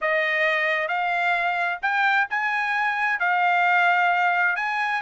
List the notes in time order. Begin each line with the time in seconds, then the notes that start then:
0.01 D#5
0.87 F5
1.82 G5
2.30 G#5
3.19 F5
4.56 G#5